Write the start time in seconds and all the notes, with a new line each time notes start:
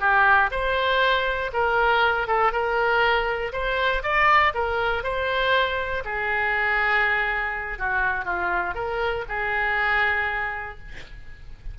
0.00 G4
0.51 C5
1.53 A#4
2.27 A4
2.52 A#4
3.53 C5
4.03 D5
4.54 A#4
5.04 C5
6.05 G#4
7.79 F#4
8.25 F4
8.75 A#4
9.29 G#4